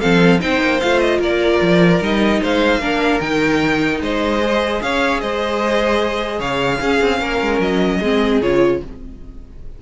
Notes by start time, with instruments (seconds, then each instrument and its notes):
0.00 cello F3, viola C4, violin A4 F5
0.40 cello C4, viola D#4, violin C5 G5
0.61 cello A#3
0.80 cello A3, viola F4, violin F5
0.99 violin D#5
1.19 cello A#3, violin A#4 D5
1.61 cello F3
2.01 cello G3, viola D#4, violin D#5
2.41 cello G#3, violin C5 F5
2.79 cello A#3, viola D4, violin A#4
3.20 cello D#3, viola D#4, violin G5
4.00 cello G#3, violin C5 D#5
4.41 viola G#4
4.82 cello C#4, violin C#5 F5
5.20 cello G#3, violin C5 D#5
6.38 cello C#3, violin C#5 F5
6.80 cello C#4, viola C#4, violin G#4
7.01 cello C4
7.20 cello A#3, violin A#4
7.41 cello G#3
7.59 cello F#3, violin D#5
7.98 cello G#3, viola C4, violin G#4
8.41 cello C#3, viola F4, violin C#5